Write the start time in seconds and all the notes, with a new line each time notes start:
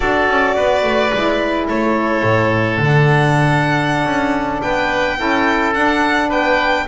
0.00 D4 F#4 A4 D5
0.28 C#4
0.56 B3 B4
0.83 A3
1.12 G#3 E4
1.67 A3 A4 C#5
2.23 A2
2.78 D3 D4
2.84 F#5
4.04 C#4
4.61 B3 B4 G5
5.17 C#4 E4 A4
5.74 D4 F#5
6.28 B3 B4 G5